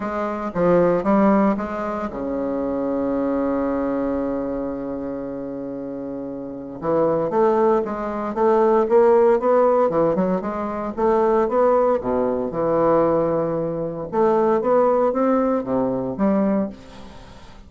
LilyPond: \new Staff \with { instrumentName = "bassoon" } { \time 4/4 \tempo 4 = 115 gis4 f4 g4 gis4 | cis1~ | cis1~ | cis4 e4 a4 gis4 |
a4 ais4 b4 e8 fis8 | gis4 a4 b4 b,4 | e2. a4 | b4 c'4 c4 g4 | }